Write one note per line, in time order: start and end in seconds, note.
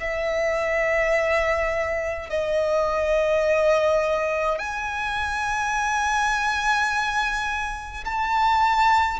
0.00 2.29 E5
2.29 4.58 D#5
4.58 8.04 G#5
8.05 9.19 A5